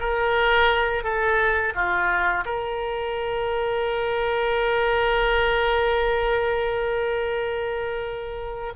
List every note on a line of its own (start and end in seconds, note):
0.00 1.04 A#4
1.04 1.74 A4
1.75 2.45 F4
2.45 8.73 A#4